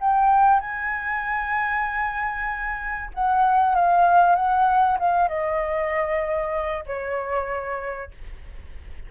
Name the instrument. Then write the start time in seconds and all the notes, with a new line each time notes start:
flute
0.00 G5
0.60 G#5
3.14 F#5
3.75 F5
4.35 F#5
4.99 F5
5.28 D#5
6.86 C#5